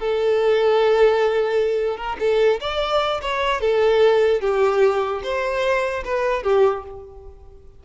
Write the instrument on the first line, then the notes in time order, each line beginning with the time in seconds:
violin
0.00 A4
1.97 A#4
2.20 A4
2.60 D5
3.22 C#5
3.61 A4
4.41 G4
5.23 C5
6.05 B4
6.44 G4